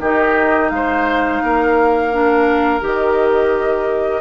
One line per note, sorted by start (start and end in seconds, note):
0.00 0.71 D#3
0.00 2.12 D#4
0.00 0.71 G4
0.00 0.70 D#5
0.70 1.41 G#3
0.70 1.44 C5
0.70 2.82 F5
1.43 2.82 A#3
1.43 4.21 A#4
2.12 2.81 D4
2.81 4.21 D#3
2.81 4.21 G4
2.81 4.21 D#5